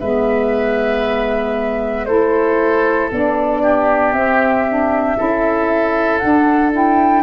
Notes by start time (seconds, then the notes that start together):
0.00 G#3 B3 B4 E5
2.06 A3 E4 A4 C5
3.12 B3 D4 D5
3.62 G4
4.13 C4 E5
4.69 D4
5.17 C#4 E4 A4
6.19 D4 F#5
6.72 E4 G5